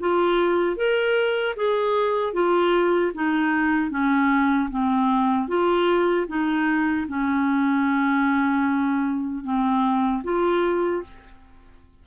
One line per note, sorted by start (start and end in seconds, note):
0.00 0.76 F4
0.76 1.55 A#4
1.56 2.33 G#4
2.33 3.12 F4
3.14 3.90 D#4
3.90 4.69 C#4
4.70 5.48 C4
5.48 6.27 F4
6.28 7.07 D#4
7.08 9.44 C#4
9.44 10.23 C4
10.24 11.03 F4